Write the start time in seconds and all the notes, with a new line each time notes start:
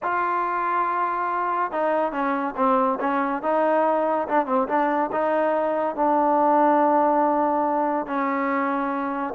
0.02 F4
1.71 D#4
2.12 C#4
2.56 C4
3.00 C#4
3.42 D#4
4.27 D4
4.46 C4
4.68 D4
5.12 D#4
5.95 D4
8.06 C#4